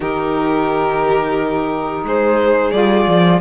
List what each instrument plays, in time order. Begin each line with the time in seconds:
0.00 cello D#3, saxophone D#4, violin G4 A#4
2.03 cello G#3, violin G#4 C5
2.71 cello G3, saxophone F4, violin D5
3.07 cello F3